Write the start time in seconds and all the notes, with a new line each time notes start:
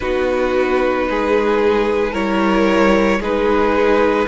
0.00 B3 D#4 F#4 B4
1.09 G#3 G#4
2.12 G3 E4 A#4 C#5
3.19 G#3 D#4 G#4 B4